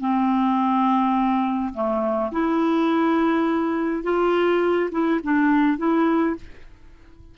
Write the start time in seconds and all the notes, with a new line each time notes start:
0.00 C4
1.74 A3
2.32 E4
4.03 F4
4.91 E4
5.23 D4
5.78 E4